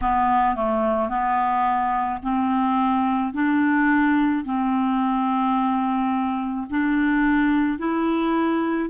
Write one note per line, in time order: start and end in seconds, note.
0.01 0.55 B3
0.55 1.09 A3
1.09 2.20 B3
2.22 3.33 C4
3.33 4.44 D4
4.44 6.67 C4
6.70 7.78 D4
7.78 8.89 E4